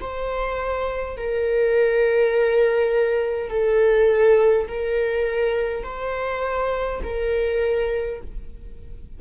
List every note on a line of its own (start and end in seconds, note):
0.00 1.17 C5
1.17 3.50 A#4
3.50 4.67 A4
4.68 5.83 A#4
5.83 7.01 C5
7.04 8.21 A#4